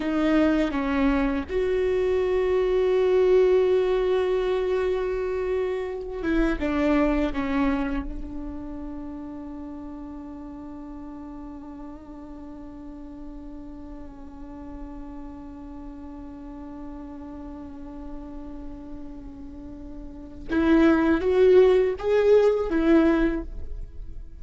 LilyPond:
\new Staff \with { instrumentName = "viola" } { \time 4/4 \tempo 4 = 82 dis'4 cis'4 fis'2~ | fis'1~ | fis'8 e'8 d'4 cis'4 d'4~ | d'1~ |
d'1~ | d'1~ | d'1 | e'4 fis'4 gis'4 e'4 | }